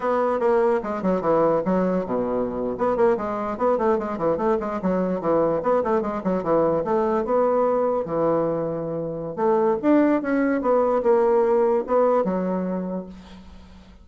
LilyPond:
\new Staff \with { instrumentName = "bassoon" } { \time 4/4 \tempo 4 = 147 b4 ais4 gis8 fis8 e4 | fis4 b,4.~ b,16 b8 ais8 gis16~ | gis8. b8 a8 gis8 e8 a8 gis8 fis16~ | fis8. e4 b8 a8 gis8 fis8 e16~ |
e8. a4 b2 e16~ | e2. a4 | d'4 cis'4 b4 ais4~ | ais4 b4 fis2 | }